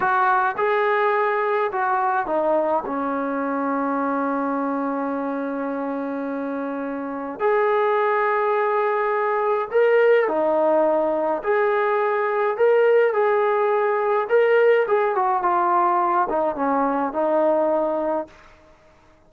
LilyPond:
\new Staff \with { instrumentName = "trombone" } { \time 4/4 \tempo 4 = 105 fis'4 gis'2 fis'4 | dis'4 cis'2.~ | cis'1~ | cis'4 gis'2.~ |
gis'4 ais'4 dis'2 | gis'2 ais'4 gis'4~ | gis'4 ais'4 gis'8 fis'8 f'4~ | f'8 dis'8 cis'4 dis'2 | }